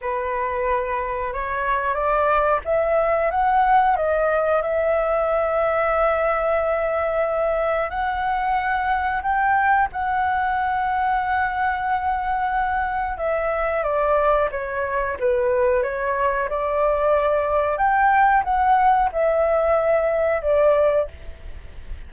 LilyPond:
\new Staff \with { instrumentName = "flute" } { \time 4/4 \tempo 4 = 91 b'2 cis''4 d''4 | e''4 fis''4 dis''4 e''4~ | e''1 | fis''2 g''4 fis''4~ |
fis''1 | e''4 d''4 cis''4 b'4 | cis''4 d''2 g''4 | fis''4 e''2 d''4 | }